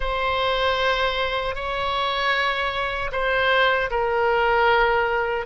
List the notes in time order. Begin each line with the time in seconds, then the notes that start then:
0.00 C5
1.55 C#5
3.12 C5
3.90 A#4